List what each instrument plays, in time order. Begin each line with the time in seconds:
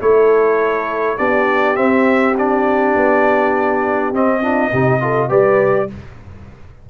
0.00 tuba A3, trombone E4, horn A4, trumpet C#5
1.18 tuba B3, trombone D4, horn G4, trumpet D5
1.75 trombone C4, tuba C4, trumpet E5
2.38 trombone D4, trumpet D5
2.96 tuba B3
4.13 tuba C4, trombone C4, trumpet D#5
4.42 trombone D4, horn F4
4.72 tuba C3, trombone D#4, horn G4
5.00 trombone F4, horn A4
5.29 tuba G3, trombone G4, horn B4, trumpet D5